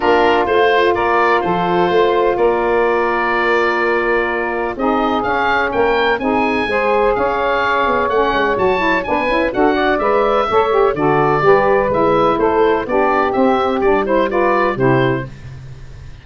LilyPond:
<<
  \new Staff \with { instrumentName = "oboe" } { \time 4/4 \tempo 4 = 126 ais'4 c''4 d''4 c''4~ | c''4 d''2.~ | d''2 dis''4 f''4 | g''4 gis''2 f''4~ |
f''4 fis''4 a''4 gis''4 | fis''4 e''2 d''4~ | d''4 e''4 c''4 d''4 | e''4 d''8 c''8 d''4 c''4 | }
  \new Staff \with { instrumentName = "saxophone" } { \time 4/4 f'2 ais'4 a'4 | c''4 ais'2.~ | ais'2 gis'2 | ais'4 gis'4 c''4 cis''4~ |
cis''2. b'4 | a'8 d''4. cis''4 a'4 | b'2 a'4 g'4~ | g'4. c''8 b'4 g'4 | }
  \new Staff \with { instrumentName = "saxophone" } { \time 4/4 d'4 f'2.~ | f'1~ | f'2 dis'4 cis'4~ | cis'4 dis'4 gis'2~ |
gis'4 cis'4 fis'8 e'8 d'8 e'8 | fis'4 b'4 a'8 g'8 fis'4 | g'4 e'2 d'4 | c'4 d'8 e'8 f'4 e'4 | }
  \new Staff \with { instrumentName = "tuba" } { \time 4/4 ais4 a4 ais4 f4 | a4 ais2.~ | ais2 c'4 cis'4 | ais4 c'4 gis4 cis'4~ |
cis'8 b8 a8 gis8 fis4 b8 cis'8 | d'4 gis4 a4 d4 | g4 gis4 a4 b4 | c'4 g2 c4 | }
>>